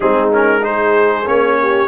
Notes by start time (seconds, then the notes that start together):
0.00 G#3 C4 D#4 G#4
0.32 C#4 A#4
0.61 D#4 G#4 C5
1.26 A#3 C#4 C#5
1.61 G4